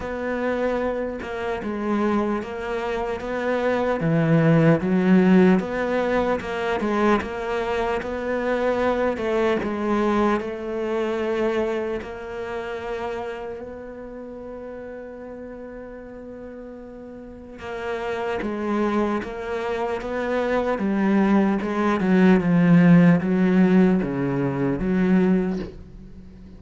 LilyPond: \new Staff \with { instrumentName = "cello" } { \time 4/4 \tempo 4 = 75 b4. ais8 gis4 ais4 | b4 e4 fis4 b4 | ais8 gis8 ais4 b4. a8 | gis4 a2 ais4~ |
ais4 b2.~ | b2 ais4 gis4 | ais4 b4 g4 gis8 fis8 | f4 fis4 cis4 fis4 | }